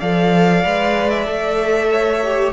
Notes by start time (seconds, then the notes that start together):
0.00 F3 A4 D5 F5
0.64 G#3 B4
1.10 E5
1.25 A3 A4
1.91 C#5
2.23 G4